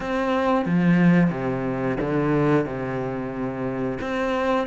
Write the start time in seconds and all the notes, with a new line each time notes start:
0.00 C4
0.65 F3
1.30 C3
2.00 D3
2.65 C3
4.00 C4